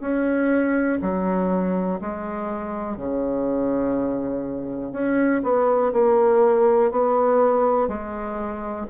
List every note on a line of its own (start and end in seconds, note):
0.00 0.98 C#4
1.01 2.00 F#3
2.01 2.96 G#3
2.96 4.92 C#3
4.92 5.41 C#4
5.43 5.92 B3
5.92 6.91 A#3
6.91 7.88 B3
7.88 8.86 G#3